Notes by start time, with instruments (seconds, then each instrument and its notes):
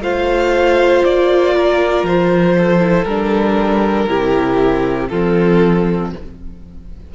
0.00 cello A3, viola F4, violin C5 F5
1.04 cello A#3, violin D5
1.54 violin A#4
2.03 cello F3, violin C5
2.58 violin A4
2.80 viola E4
3.04 cello G3, viola D4, violin A#4
4.08 cello C3, viola E4, violin G4
5.09 cello F3, viola C4, violin F4 A4